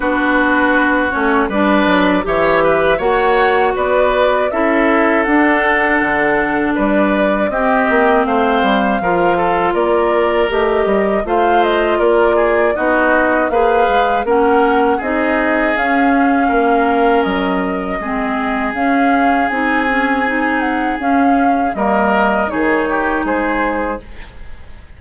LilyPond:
<<
  \new Staff \with { instrumentName = "flute" } { \time 4/4 \tempo 4 = 80 b'4. cis''8 d''4 e''4 | fis''4 d''4 e''4 fis''4~ | fis''4 d''4 dis''4 f''4~ | f''4 d''4 dis''4 f''8 dis''8 |
d''4 dis''4 f''4 fis''4 | dis''4 f''2 dis''4~ | dis''4 f''4 gis''4. fis''8 | f''4 dis''4 cis''4 c''4 | }
  \new Staff \with { instrumentName = "oboe" } { \time 4/4 fis'2 b'4 cis''8 b'8 | cis''4 b'4 a'2~ | a'4 b'4 g'4 c''4 | ais'8 a'8 ais'2 c''4 |
ais'8 gis'8 fis'4 b'4 ais'4 | gis'2 ais'2 | gis'1~ | gis'4 ais'4 gis'8 g'8 gis'4 | }
  \new Staff \with { instrumentName = "clarinet" } { \time 4/4 d'4. cis'8 d'4 g'4 | fis'2 e'4 d'4~ | d'2 c'2 | f'2 g'4 f'4~ |
f'4 dis'4 gis'4 cis'4 | dis'4 cis'2. | c'4 cis'4 dis'8 cis'8 dis'4 | cis'4 ais4 dis'2 | }
  \new Staff \with { instrumentName = "bassoon" } { \time 4/4 b4. a8 g8 fis8 e4 | ais4 b4 cis'4 d'4 | d4 g4 c'8 ais8 a8 g8 | f4 ais4 a8 g8 a4 |
ais4 b4 ais8 gis8 ais4 | c'4 cis'4 ais4 fis4 | gis4 cis'4 c'2 | cis'4 g4 dis4 gis4 | }
>>